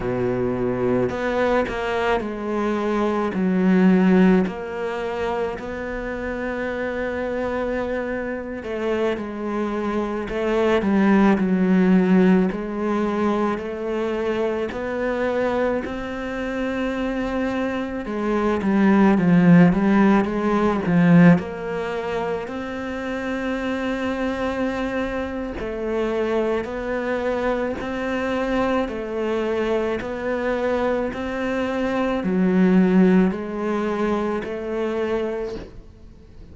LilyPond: \new Staff \with { instrumentName = "cello" } { \time 4/4 \tempo 4 = 54 b,4 b8 ais8 gis4 fis4 | ais4 b2~ b8. a16~ | a16 gis4 a8 g8 fis4 gis8.~ | gis16 a4 b4 c'4.~ c'16~ |
c'16 gis8 g8 f8 g8 gis8 f8 ais8.~ | ais16 c'2~ c'8. a4 | b4 c'4 a4 b4 | c'4 fis4 gis4 a4 | }